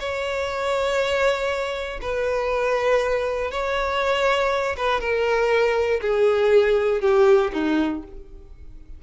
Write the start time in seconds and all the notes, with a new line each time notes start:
0.00 C#5
2.02 B4
3.51 C#5
4.77 B4
5.01 A#4
6.01 G#4
7.01 G4
7.53 D#4